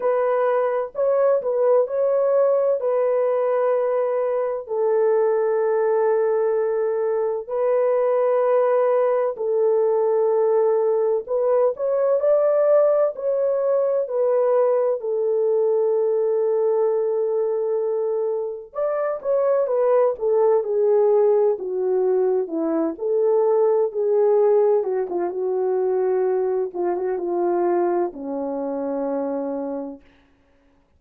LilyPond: \new Staff \with { instrumentName = "horn" } { \time 4/4 \tempo 4 = 64 b'4 cis''8 b'8 cis''4 b'4~ | b'4 a'2. | b'2 a'2 | b'8 cis''8 d''4 cis''4 b'4 |
a'1 | d''8 cis''8 b'8 a'8 gis'4 fis'4 | e'8 a'4 gis'4 fis'16 f'16 fis'4~ | fis'8 f'16 fis'16 f'4 cis'2 | }